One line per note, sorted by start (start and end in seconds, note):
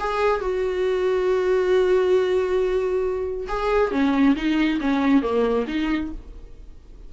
0.00 0.41 G#4
0.41 3.48 F#4
3.49 3.92 G#4
3.92 4.36 C#4
4.36 4.80 D#4
4.81 5.22 C#4
5.22 5.66 A#3
5.68 6.12 D#4